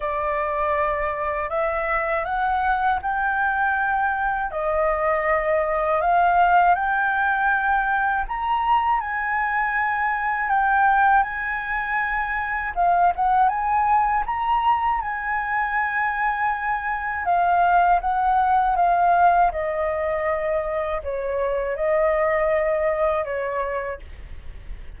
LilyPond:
\new Staff \with { instrumentName = "flute" } { \time 4/4 \tempo 4 = 80 d''2 e''4 fis''4 | g''2 dis''2 | f''4 g''2 ais''4 | gis''2 g''4 gis''4~ |
gis''4 f''8 fis''8 gis''4 ais''4 | gis''2. f''4 | fis''4 f''4 dis''2 | cis''4 dis''2 cis''4 | }